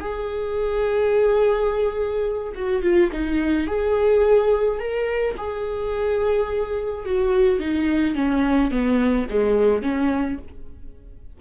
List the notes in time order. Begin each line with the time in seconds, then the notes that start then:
0.00 G#4
2.55 F#4
2.82 F4
3.12 D#4
3.67 G#4
4.79 A#4
5.37 G#4
7.05 F#4
7.59 D#4
8.15 C#4
8.71 B3
9.30 G#3
9.82 C#4